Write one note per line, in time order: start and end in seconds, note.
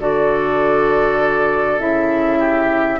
0.00 1.79 D3
0.00 1.79 F#4
0.00 2.39 A4
0.00 1.80 D5
1.79 2.99 C#3
1.79 2.99 E4
1.79 3.00 E5
2.39 2.99 G4